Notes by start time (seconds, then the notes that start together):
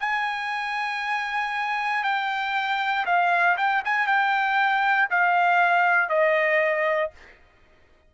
0.00 G#5
2.03 G5
3.05 F5
3.57 G5
3.84 G#5
4.07 G5
5.10 F5
6.09 D#5